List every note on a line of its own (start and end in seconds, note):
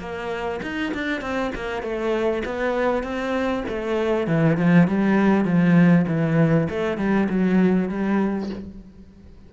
0.00 0.61 A#3
0.63 0.93 D#4
0.94 1.21 D4
1.21 1.52 C4
1.55 1.83 A#3
1.83 2.43 A3
2.45 3.03 B3
3.03 3.64 C4
3.69 4.28 A3
4.28 4.58 E3
4.58 4.88 F3
4.88 5.45 G3
5.45 6.06 F3
6.08 6.68 E3
6.70 6.98 A3
6.98 7.28 G3
7.29 7.89 F#3
7.89 8.50 G3